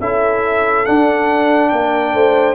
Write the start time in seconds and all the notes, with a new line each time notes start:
0.00 C#4 E4 A4 E5
0.86 D4 F#5
1.70 A#3 A#4 G5
2.14 A3 C5